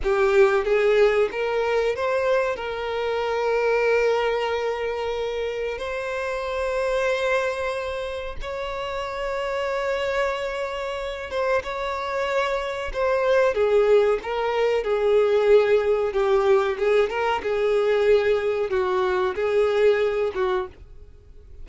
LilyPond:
\new Staff \with { instrumentName = "violin" } { \time 4/4 \tempo 4 = 93 g'4 gis'4 ais'4 c''4 | ais'1~ | ais'4 c''2.~ | c''4 cis''2.~ |
cis''4. c''8 cis''2 | c''4 gis'4 ais'4 gis'4~ | gis'4 g'4 gis'8 ais'8 gis'4~ | gis'4 fis'4 gis'4. fis'8 | }